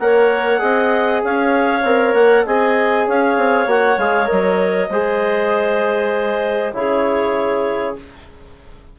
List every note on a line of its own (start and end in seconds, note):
0.00 0.62 A#3
0.00 0.59 A#4
0.00 0.61 C#5
0.00 1.22 F#5
0.59 1.23 C4
0.59 1.81 G#4
0.59 1.22 D#5
1.25 1.84 C#4
1.25 2.46 C#5
1.25 2.14 F5
1.84 2.14 C4
1.84 2.47 A#4
2.14 2.45 A#3
2.14 2.45 F#5
2.46 3.08 C4
2.46 3.68 G#4
2.46 3.07 D#5
2.46 3.08 G#5
3.07 3.37 C#4
3.07 4.90 C#5
3.07 3.70 F5
3.37 3.67 C4
3.67 3.97 A#3
3.67 3.99 F#4
3.67 3.99 F#5
3.98 4.29 G#3
3.98 4.26 G#4
3.98 4.28 F5
4.26 4.87 A#4
4.26 6.73 D#5
4.32 4.90 F#3
4.90 6.73 G#3
4.90 6.73 G#4
4.90 6.74 C5
6.73 7.97 C#3
6.73 7.96 E4
6.73 7.99 G#4
6.73 7.97 C#5